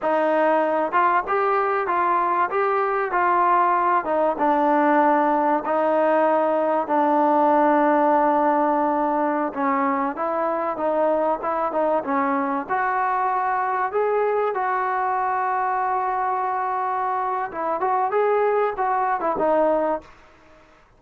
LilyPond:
\new Staff \with { instrumentName = "trombone" } { \time 4/4 \tempo 4 = 96 dis'4. f'8 g'4 f'4 | g'4 f'4. dis'8 d'4~ | d'4 dis'2 d'4~ | d'2.~ d'16 cis'8.~ |
cis'16 e'4 dis'4 e'8 dis'8 cis'8.~ | cis'16 fis'2 gis'4 fis'8.~ | fis'1 | e'8 fis'8 gis'4 fis'8. e'16 dis'4 | }